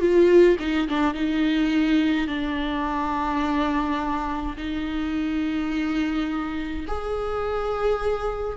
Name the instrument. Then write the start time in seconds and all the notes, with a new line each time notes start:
viola
0.00 F4
0.59 D#4
0.88 D4
1.14 D#4
2.28 D4
4.57 D#4
6.87 G#4